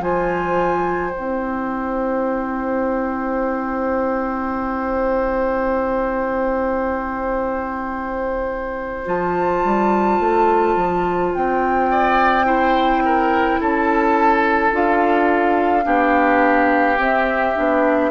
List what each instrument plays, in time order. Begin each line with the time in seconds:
0.00 bassoon F3, clarinet F4, oboe C5, flute G#5
1.11 clarinet E4, flute G5
1.19 bassoon C4
9.06 bassoon F3, clarinet F4, flute A5
9.64 bassoon G3
10.20 bassoon A3
10.77 bassoon F3
11.34 bassoon C4, flute G5
11.91 oboe D5
12.45 clarinet E4, oboe C5
13.05 oboe A#4
13.61 bassoon C#4, oboe A4, flute A5
14.73 bassoon D4, clarinet F4, flute F5
15.83 bassoon B3, clarinet D4, oboe G4
16.98 clarinet C4, bassoon C4, flute E5
17.56 bassoon B3, clarinet D4